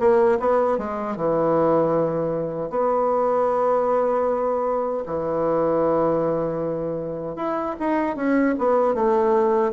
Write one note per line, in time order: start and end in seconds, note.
0.00 0.39 A#3
0.40 0.79 B3
0.79 1.17 G#3
1.17 2.70 E3
2.70 5.04 B3
5.06 7.36 E3
7.36 7.75 E4
7.80 8.16 D#4
8.16 8.55 C#4
8.59 8.95 B3
8.95 9.73 A3